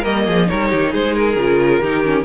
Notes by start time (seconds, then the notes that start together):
0.00 G3 A#3 A#4 D#5
0.26 F3 G#4
0.46 G3 D#4 A#4 C#5
0.70 D#3 G4
0.92 G#3 G#4 C5
1.14 A#4
1.36 C#3 F4
1.80 D#3 D#4 G4
2.04 C#4